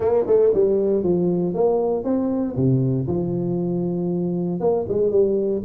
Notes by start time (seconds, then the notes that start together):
0.00 A#3
0.26 A3
0.53 G3
1.03 F3
1.54 A#3
2.03 C4
2.55 C3
3.07 F3
4.60 A#3
4.88 G#3
5.10 G3